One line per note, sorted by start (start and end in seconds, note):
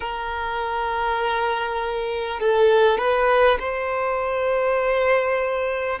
0.00 2.39 A#4
2.39 2.97 A4
2.97 3.57 B4
3.59 5.99 C5